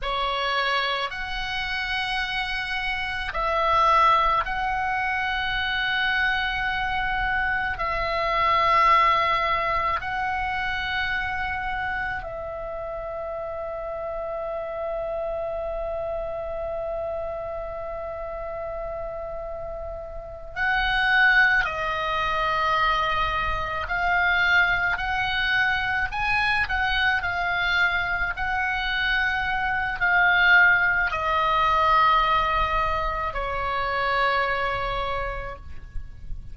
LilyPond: \new Staff \with { instrumentName = "oboe" } { \time 4/4 \tempo 4 = 54 cis''4 fis''2 e''4 | fis''2. e''4~ | e''4 fis''2 e''4~ | e''1~ |
e''2~ e''8 fis''4 dis''8~ | dis''4. f''4 fis''4 gis''8 | fis''8 f''4 fis''4. f''4 | dis''2 cis''2 | }